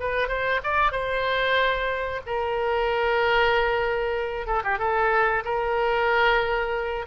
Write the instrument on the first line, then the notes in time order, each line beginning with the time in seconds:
oboe
0.00 B4
0.28 C5
0.64 D5
0.92 C5
2.26 A#4
4.47 A4
4.64 G4
4.79 A4
5.45 A#4